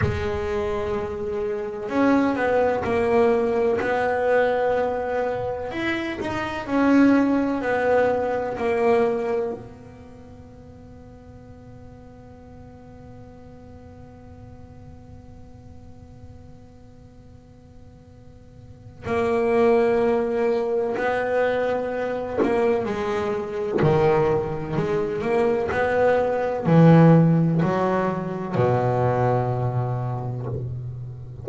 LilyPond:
\new Staff \with { instrumentName = "double bass" } { \time 4/4 \tempo 4 = 63 gis2 cis'8 b8 ais4 | b2 e'8 dis'8 cis'4 | b4 ais4 b2~ | b1~ |
b1 | ais2 b4. ais8 | gis4 dis4 gis8 ais8 b4 | e4 fis4 b,2 | }